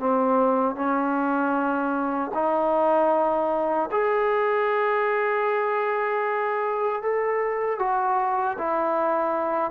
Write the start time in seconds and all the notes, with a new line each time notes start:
0.00 C4
0.76 C#4
2.35 D#4
3.92 G#4
7.03 A4
7.80 F#4
8.59 E4